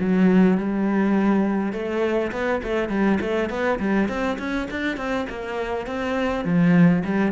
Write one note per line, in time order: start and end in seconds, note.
0.00 0.58 F#3
0.58 1.73 G3
1.73 2.32 A3
2.32 2.62 B3
2.63 2.89 A3
2.89 3.19 G3
3.21 3.50 A3
3.50 3.79 B3
3.80 4.09 G3
4.09 4.38 C4
4.39 4.68 C#4
4.71 4.97 D4
4.97 5.27 C4
5.30 5.87 A#3
5.87 6.45 C4
6.45 7.04 F3
7.05 7.32 G3